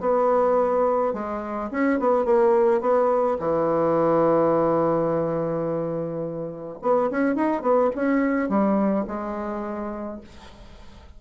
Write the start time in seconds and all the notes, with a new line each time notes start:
0.00 B3
1.13 G#3
1.71 C#4
1.99 B3
2.25 A#3
2.81 B3
3.39 E3
6.82 B3
7.11 C#4
7.35 D#4
7.62 B3
7.95 C#4
8.49 G3
9.07 G#3